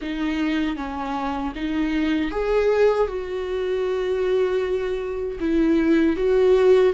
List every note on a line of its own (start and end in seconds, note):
0.01 0.76 D#4
0.76 1.53 C#4
1.55 2.31 D#4
2.31 3.07 G#4
3.07 5.38 F#4
5.40 6.16 E4
6.16 6.93 F#4